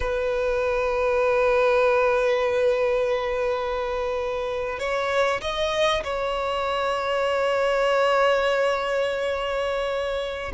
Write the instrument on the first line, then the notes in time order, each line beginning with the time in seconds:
violin
0.00 B4
4.79 C#5
5.41 D#5
6.04 C#5